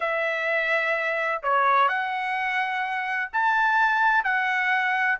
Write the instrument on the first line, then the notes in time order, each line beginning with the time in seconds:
trumpet
0.00 E5
1.42 C#5
1.88 F#5
3.32 A5
4.24 F#5